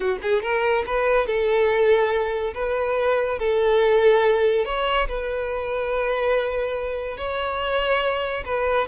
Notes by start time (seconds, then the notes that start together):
0.00 F#4
0.22 G#4
0.42 A#4
0.86 B4
1.27 A4
2.54 B4
3.38 A4
4.65 C#5
5.08 B4
7.17 C#5
8.45 B4